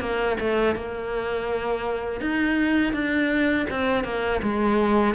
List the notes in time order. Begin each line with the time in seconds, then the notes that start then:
0.00 A#3
0.40 A3
0.75 A#3
2.21 D#4
2.93 D4
3.70 C4
4.04 A#3
4.42 G#3